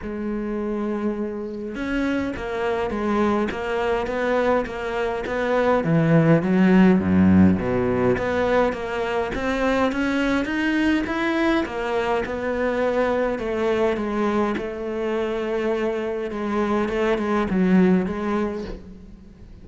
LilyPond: \new Staff \with { instrumentName = "cello" } { \time 4/4 \tempo 4 = 103 gis2. cis'4 | ais4 gis4 ais4 b4 | ais4 b4 e4 fis4 | fis,4 b,4 b4 ais4 |
c'4 cis'4 dis'4 e'4 | ais4 b2 a4 | gis4 a2. | gis4 a8 gis8 fis4 gis4 | }